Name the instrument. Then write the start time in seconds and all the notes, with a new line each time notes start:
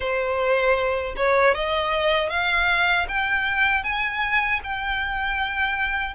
violin
0.00 C5
1.16 C#5
1.54 D#5
2.29 F5
3.08 G5
3.83 G#5
4.63 G5